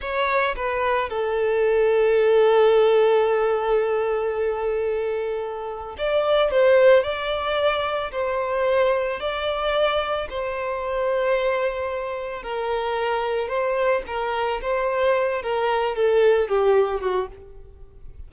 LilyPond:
\new Staff \with { instrumentName = "violin" } { \time 4/4 \tempo 4 = 111 cis''4 b'4 a'2~ | a'1~ | a'2. d''4 | c''4 d''2 c''4~ |
c''4 d''2 c''4~ | c''2. ais'4~ | ais'4 c''4 ais'4 c''4~ | c''8 ais'4 a'4 g'4 fis'8 | }